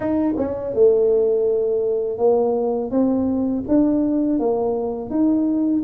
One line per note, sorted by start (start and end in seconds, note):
0.00 0.34 D#4
0.37 0.74 C#4
0.74 2.18 A3
2.18 2.91 A#3
2.91 3.64 C4
3.68 4.39 D4
4.39 5.10 A#3
5.10 5.83 D#4